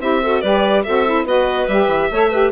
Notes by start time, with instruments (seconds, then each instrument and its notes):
0.00 bassoon C4, saxophone E4, clarinet G4, violin E5
0.23 saxophone F#4, clarinet A4
0.41 bassoon G3, saxophone G4, clarinet B4, violin D5
0.83 bassoon C4, saxophone F#4, clarinet A4, violin E5
1.06 saxophone E4
1.25 bassoon B3, saxophone F#4, clarinet B4, violin D#5
1.67 bassoon G3, saxophone G4, violin E5
1.87 bassoon E3
2.11 bassoon A3, saxophone A4, clarinet C#5
2.30 saxophone G4, clarinet B4